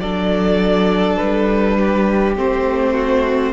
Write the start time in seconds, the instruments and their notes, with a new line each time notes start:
0.00 cello F#3, viola D4, violin A4 D5
1.17 cello G3, violin B4
1.79 violin G4
2.37 cello A3, viola C4, violin C5
2.94 violin F#4